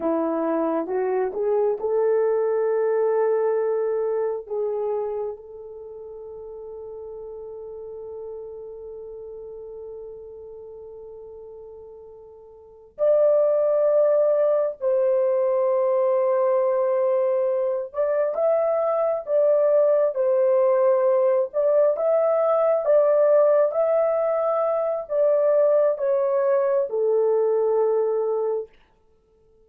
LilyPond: \new Staff \with { instrumentName = "horn" } { \time 4/4 \tempo 4 = 67 e'4 fis'8 gis'8 a'2~ | a'4 gis'4 a'2~ | a'1~ | a'2~ a'8 d''4.~ |
d''8 c''2.~ c''8 | d''8 e''4 d''4 c''4. | d''8 e''4 d''4 e''4. | d''4 cis''4 a'2 | }